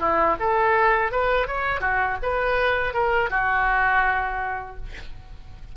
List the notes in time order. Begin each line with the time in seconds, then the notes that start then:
0.00 E4
0.40 A4
1.12 B4
1.47 C#5
1.81 F#4
2.23 B4
2.94 A#4
3.31 F#4